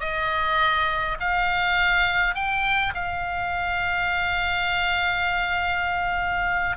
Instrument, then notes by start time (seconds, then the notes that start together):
oboe
0.00 D#5
1.20 F5
2.35 G5
2.95 F5